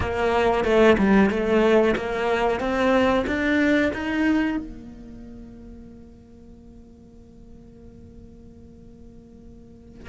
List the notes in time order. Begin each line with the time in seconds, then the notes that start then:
0.00 A#3
0.64 A3
0.98 G3
1.30 A3
1.96 A#3
2.60 C4
3.26 D4
3.93 D#4
4.57 A#3